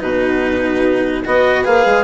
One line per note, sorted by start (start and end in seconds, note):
0.00 1.26 B2
0.00 1.24 D#4
0.00 1.25 F#4
0.00 1.25 B4
1.25 1.67 B3
1.25 1.64 F#4
1.25 2.05 B4
1.25 1.65 D#5
1.64 1.86 A#3
1.64 2.05 G#4
1.64 2.05 F5
1.86 2.05 G#3